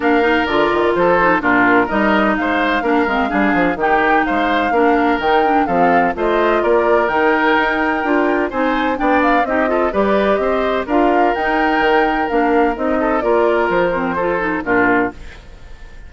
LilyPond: <<
  \new Staff \with { instrumentName = "flute" } { \time 4/4 \tempo 4 = 127 f''4 d''4 c''4 ais'4 | dis''4 f''2. | g''4 f''2 g''4 | f''4 dis''4 d''4 g''4~ |
g''2 gis''4 g''8 f''8 | dis''4 d''4 dis''4 f''4 | g''2 f''4 dis''4 | d''4 c''2 ais'4 | }
  \new Staff \with { instrumentName = "oboe" } { \time 4/4 ais'2 a'4 f'4 | ais'4 c''4 ais'4 gis'4 | g'4 c''4 ais'2 | a'4 c''4 ais'2~ |
ais'2 c''4 d''4 | g'8 a'8 b'4 c''4 ais'4~ | ais'2.~ ais'8 a'8 | ais'2 a'4 f'4 | }
  \new Staff \with { instrumentName = "clarinet" } { \time 4/4 d'8 dis'8 f'4. dis'8 d'4 | dis'2 d'8 c'8 d'4 | dis'2 d'4 dis'8 d'8 | c'4 f'2 dis'4~ |
dis'4 f'4 dis'4 d'4 | dis'8 f'8 g'2 f'4 | dis'2 d'4 dis'4 | f'4. c'8 f'8 dis'8 d'4 | }
  \new Staff \with { instrumentName = "bassoon" } { \time 4/4 ais4 d8 dis8 f4 ais,4 | g4 gis4 ais8 gis8 g8 f8 | dis4 gis4 ais4 dis4 | f4 a4 ais4 dis4 |
dis'4 d'4 c'4 b4 | c'4 g4 c'4 d'4 | dis'4 dis4 ais4 c'4 | ais4 f2 ais,4 | }
>>